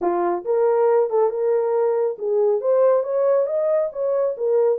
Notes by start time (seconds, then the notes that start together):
0.01 F4
0.44 A#4
1.09 A4
1.29 A#4
2.18 G#4
2.60 C5
3.03 C#5
3.46 D#5
3.92 C#5
4.37 A#4